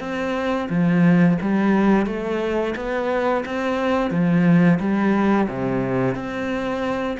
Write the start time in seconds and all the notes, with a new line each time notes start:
0.00 C4
0.70 F3
1.41 G3
2.06 A3
2.76 B3
3.46 C4
4.11 F3
4.80 G3
5.49 C3
6.15 C4